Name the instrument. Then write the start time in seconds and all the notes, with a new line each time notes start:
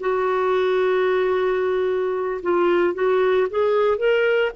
clarinet
0.00 F#4
2.42 F4
2.94 F#4
3.50 G#4
3.97 A#4